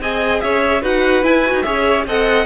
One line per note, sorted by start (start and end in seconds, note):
0.00 0.41 C4
0.00 0.82 G#4
0.00 0.43 D#5
0.00 0.40 G#5
0.40 0.82 C#4
0.40 0.81 C#5
0.40 0.81 E5
0.81 1.23 D#4
0.81 1.23 F#4
0.81 1.64 B4
0.81 1.24 F#5
1.23 1.43 E4
1.23 1.53 E4
1.23 1.62 G#5
1.46 1.64 F#4
1.53 1.64 D#4
1.62 2.06 C#4
1.62 2.06 G#4
1.62 2.06 C#5
1.62 2.03 E5
2.06 2.46 C4
2.06 2.46 A4
2.06 2.46 D#5
2.06 2.46 F#5